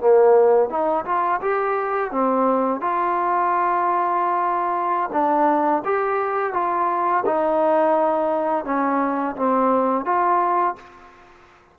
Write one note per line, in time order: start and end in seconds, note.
0.00 0.69 A#3
0.69 1.05 D#4
1.05 1.40 F4
1.41 2.11 G4
2.11 2.80 C4
2.80 5.10 F4
5.12 5.83 D4
5.85 6.53 G4
6.53 7.24 F4
7.26 8.65 D#4
8.65 9.35 C#4
9.36 10.05 C4
10.05 10.76 F4